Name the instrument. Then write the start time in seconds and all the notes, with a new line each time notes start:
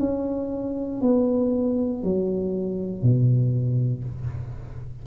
tuba
0.00 C#4
1.02 B3
2.03 F#3
3.02 B2